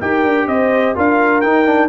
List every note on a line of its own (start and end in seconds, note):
0.00 0.24 D#4
0.00 0.95 G4
0.00 0.48 A#4
0.00 0.48 G5
0.24 0.47 D4
0.47 0.95 C4
0.47 0.96 C5
0.47 0.96 D#5
0.95 1.43 D4
0.95 1.43 F4
0.95 1.89 A#4
0.95 1.41 F5
1.41 1.66 D#4
1.41 1.89 D#4
1.41 1.89 G5
1.66 1.89 D4